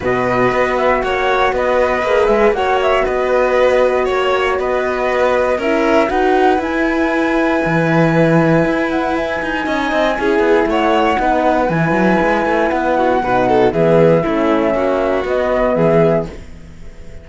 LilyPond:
<<
  \new Staff \with { instrumentName = "flute" } { \time 4/4 \tempo 4 = 118 dis''4. e''8 fis''4 dis''4~ | dis''8 e''8 fis''8 e''8 dis''2 | cis''4 dis''2 e''4 | fis''4 gis''2.~ |
gis''4. fis''8 gis''2~ | gis''4 fis''2 gis''4~ | gis''4 fis''2 e''4~ | e''2 dis''4 e''4 | }
  \new Staff \with { instrumentName = "violin" } { \time 4/4 b'2 cis''4 b'4~ | b'4 cis''4 b'2 | cis''4 b'2 ais'4 | b'1~ |
b'2. dis''4 | gis'4 cis''4 b'2~ | b'4. fis'8 b'8 a'8 gis'4 | e'4 fis'2 gis'4 | }
  \new Staff \with { instrumentName = "horn" } { \time 4/4 fis'1 | gis'4 fis'2.~ | fis'2. e'4 | fis'4 e'2.~ |
e'2. dis'4 | e'2 dis'4 e'4~ | e'2 dis'4 b4 | cis'2 b2 | }
  \new Staff \with { instrumentName = "cello" } { \time 4/4 b,4 b4 ais4 b4 | ais8 gis8 ais4 b2 | ais4 b2 cis'4 | dis'4 e'2 e4~ |
e4 e'4. dis'8 cis'8 c'8 | cis'8 b8 a4 b4 e8 fis8 | gis8 a8 b4 b,4 e4 | a4 ais4 b4 e4 | }
>>